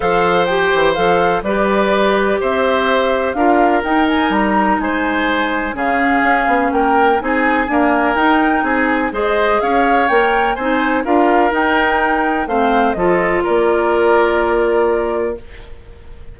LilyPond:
<<
  \new Staff \with { instrumentName = "flute" } { \time 4/4 \tempo 4 = 125 f''4 g''4 f''4 d''4~ | d''4 e''2 f''4 | g''8 gis''8 ais''4 gis''2 | f''2 g''4 gis''4~ |
gis''4 g''4 gis''4 dis''4 | f''4 g''4 gis''4 f''4 | g''2 f''4 dis''4 | d''1 | }
  \new Staff \with { instrumentName = "oboe" } { \time 4/4 c''2. b'4~ | b'4 c''2 ais'4~ | ais'2 c''2 | gis'2 ais'4 gis'4 |
ais'2 gis'4 c''4 | cis''2 c''4 ais'4~ | ais'2 c''4 a'4 | ais'1 | }
  \new Staff \with { instrumentName = "clarinet" } { \time 4/4 a'4 g'4 a'4 g'4~ | g'2. f'4 | dis'1 | cis'2. dis'4 |
ais4 dis'2 gis'4~ | gis'4 ais'4 dis'4 f'4 | dis'2 c'4 f'4~ | f'1 | }
  \new Staff \with { instrumentName = "bassoon" } { \time 4/4 f4. e8 f4 g4~ | g4 c'2 d'4 | dis'4 g4 gis2 | cis4 cis'8 b8 ais4 c'4 |
d'4 dis'4 c'4 gis4 | cis'4 ais4 c'4 d'4 | dis'2 a4 f4 | ais1 | }
>>